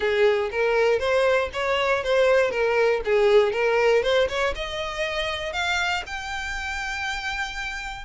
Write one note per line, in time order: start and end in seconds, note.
0.00 0.50 G#4
0.51 0.99 A#4
0.99 1.49 C5
1.53 2.03 C#5
2.03 2.50 C5
2.50 3.01 A#4
3.04 3.52 G#4
3.52 4.02 A#4
4.02 4.28 C5
4.29 4.54 C#5
4.55 5.52 D#5
5.52 6.03 F5
6.06 8.05 G5